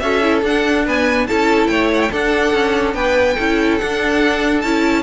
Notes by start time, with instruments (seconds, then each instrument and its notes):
0.00 cello C#4, viola F#4, violin A4 E5
0.22 viola E4
0.43 cello D4, viola D4, violin F#5
0.85 viola B3, violin B4 G#5
1.28 cello C#4, viola E4, violin A4 A5
1.67 cello A3, violin C#5 G5
1.94 violin F#5
2.02 violin G5
2.11 viola D4, cello D4, violin A4 F#5
2.53 cello C#4
2.94 cello B3, violin B4 G5
3.35 cello C#4, viola E4, violin A4
3.78 viola D4, cello D4, violin F#5
4.61 cello C#4, viola E4, violin A5